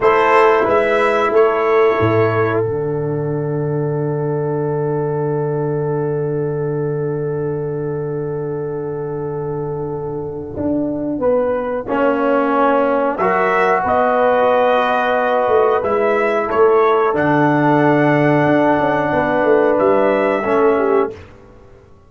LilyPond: <<
  \new Staff \with { instrumentName = "trumpet" } { \time 4/4 \tempo 4 = 91 c''4 e''4 cis''2 | fis''1~ | fis''1~ | fis''1~ |
fis''1 | e''4 dis''2. | e''4 cis''4 fis''2~ | fis''2 e''2 | }
  \new Staff \with { instrumentName = "horn" } { \time 4/4 a'4 b'4 a'2~ | a'1~ | a'1~ | a'1~ |
a'4 b'4 cis''2 | ais'4 b'2.~ | b'4 a'2.~ | a'4 b'2 a'8 g'8 | }
  \new Staff \with { instrumentName = "trombone" } { \time 4/4 e'1 | d'1~ | d'1~ | d'1~ |
d'2 cis'2 | fis'1 | e'2 d'2~ | d'2. cis'4 | }
  \new Staff \with { instrumentName = "tuba" } { \time 4/4 a4 gis4 a4 a,4 | d1~ | d1~ | d1 |
d'4 b4 ais2 | fis4 b2~ b8 a8 | gis4 a4 d2 | d'8 cis'8 b8 a8 g4 a4 | }
>>